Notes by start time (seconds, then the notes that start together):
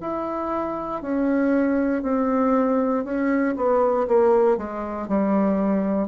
0.00 E4
1.02 C#4
2.02 C4
3.04 C#4
3.56 B3
4.07 A#3
4.57 G#3
5.08 G3